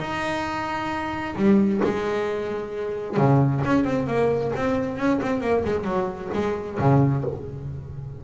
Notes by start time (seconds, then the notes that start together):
0.00 D#4
1.36 G3
1.84 G#3
3.17 C#3
3.65 C#4
3.84 C4
4.07 A#3
4.56 C4
4.98 C#4
5.22 C4
5.41 A#3
5.65 G#3
5.85 F#3
6.34 G#3
6.79 C#3